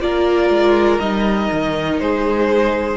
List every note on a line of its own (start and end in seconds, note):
0.00 0.49 A#3
0.00 1.00 F4
0.00 2.01 A#4
0.00 0.99 D5
0.49 0.99 G#3
0.99 1.50 G3
0.99 2.97 D#4
0.99 1.99 D#5
1.52 2.00 D#3
1.99 2.97 G#3
1.99 2.97 G#4
1.99 2.97 C5